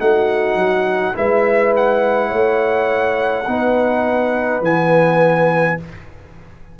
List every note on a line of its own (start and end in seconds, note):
0.00 0.56 A3
0.00 1.14 D#4
0.00 1.17 F#4
0.00 1.16 F#5
0.56 1.14 F#3
1.14 2.33 G#3
1.14 3.45 E4
1.14 2.29 B4
1.14 1.75 E5
1.76 4.64 F#5
2.29 3.48 A3
2.29 3.44 C#5
3.48 4.61 B3
3.48 4.62 D#4
3.48 5.79 B4
4.61 5.77 E3
4.61 5.78 B3
4.61 5.80 G#5